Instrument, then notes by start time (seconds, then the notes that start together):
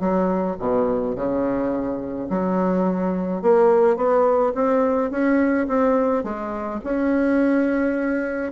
bassoon
0.00 F#3
0.59 B2
1.16 C#3
2.30 F#3
3.42 A#3
3.96 B3
4.55 C4
5.11 C#4
5.68 C4
6.24 G#3
6.84 C#4